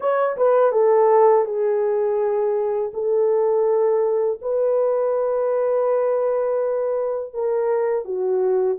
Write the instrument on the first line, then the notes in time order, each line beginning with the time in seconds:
horn
0.00 C#5
0.37 B4
0.72 A4
1.45 G#4
2.93 A4
4.41 B4
7.33 A#4
8.05 F#4